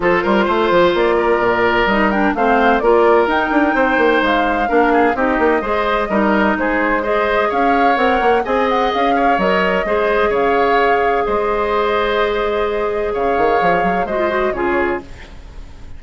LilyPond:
<<
  \new Staff \with { instrumentName = "flute" } { \time 4/4 \tempo 4 = 128 c''2 d''2 | dis''8 g''8 f''4 d''4 g''4~ | g''4 f''2 dis''4~ | dis''2 c''4 dis''4 |
f''4 fis''4 gis''8 fis''8 f''4 | dis''2 f''2 | dis''1 | f''2 dis''4 cis''4 | }
  \new Staff \with { instrumentName = "oboe" } { \time 4/4 a'8 ais'8 c''4. ais'4.~ | ais'4 c''4 ais'2 | c''2 ais'8 gis'8 g'4 | c''4 ais'4 gis'4 c''4 |
cis''2 dis''4. cis''8~ | cis''4 c''4 cis''2 | c''1 | cis''2 c''4 gis'4 | }
  \new Staff \with { instrumentName = "clarinet" } { \time 4/4 f'1 | dis'8 d'8 c'4 f'4 dis'4~ | dis'2 d'4 dis'4 | gis'4 dis'2 gis'4~ |
gis'4 ais'4 gis'2 | ais'4 gis'2.~ | gis'1~ | gis'2 fis'16 f'16 fis'8 f'4 | }
  \new Staff \with { instrumentName = "bassoon" } { \time 4/4 f8 g8 a8 f8 ais4 ais,4 | g4 a4 ais4 dis'8 d'8 | c'8 ais8 gis4 ais4 c'8 ais8 | gis4 g4 gis2 |
cis'4 c'8 ais8 c'4 cis'4 | fis4 gis4 cis2 | gis1 | cis8 dis8 f8 fis8 gis4 cis4 | }
>>